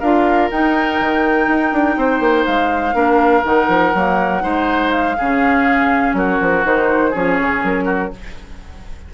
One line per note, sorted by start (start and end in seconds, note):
0.00 0.51 D4
0.00 0.52 F4
0.00 1.97 A#4
0.00 0.50 F5
0.52 1.01 D#4
0.52 2.94 D#4
0.52 2.46 G5
1.01 1.48 D#3
1.48 1.72 D#4
1.73 1.97 D4
1.97 2.20 C4
1.97 2.95 C5
2.20 2.45 A#3
2.46 2.94 G#3
2.46 3.44 F5
2.94 3.44 A#3
2.94 3.43 D4
2.94 4.43 A#4
3.44 3.68 D#3
3.44 3.94 D#4
3.44 4.91 F#5
3.68 3.93 F3
3.94 4.43 F#3
3.94 4.41 A#3
4.41 5.19 G#3
4.41 5.15 D#4
4.41 5.17 C5
4.91 6.14 F5
5.18 6.14 C#3
5.18 6.65 C#4
5.18 6.16 G#4
6.14 6.38 F#3
6.14 7.11 F#4
6.14 6.66 A#4
6.41 6.65 F3
6.65 7.14 D#3
6.65 7.13 D#4
6.65 7.15 C5
7.11 7.40 F3
7.11 8.11 C#4
7.11 7.84 G#4
7.11 7.64 C#5
7.41 7.64 C#3
7.64 8.13 F#3
7.64 8.14 A#4
7.85 8.10 F#4